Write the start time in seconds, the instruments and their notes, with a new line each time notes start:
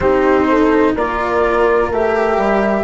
0.00 bassoon C4, cello D#4, horn G4, flute C5
0.49 horn A4
0.95 bassoon A#3, cello F4, horn A#4, flute D5
1.90 bassoon A3, cello G4, flute E5
2.37 bassoon G3